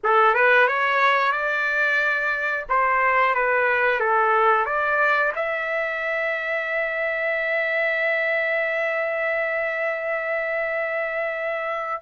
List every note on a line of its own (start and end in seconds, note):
0.03 0.34 A4
0.34 0.67 B4
0.67 1.32 C#5
1.32 2.65 D5
2.69 3.35 C5
3.35 4.00 B4
4.00 4.65 A4
4.65 5.32 D5
5.35 12.02 E5